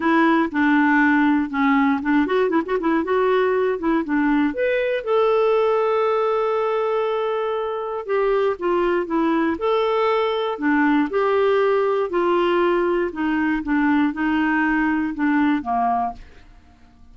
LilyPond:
\new Staff \with { instrumentName = "clarinet" } { \time 4/4 \tempo 4 = 119 e'4 d'2 cis'4 | d'8 fis'8 e'16 fis'16 e'8 fis'4. e'8 | d'4 b'4 a'2~ | a'1 |
g'4 f'4 e'4 a'4~ | a'4 d'4 g'2 | f'2 dis'4 d'4 | dis'2 d'4 ais4 | }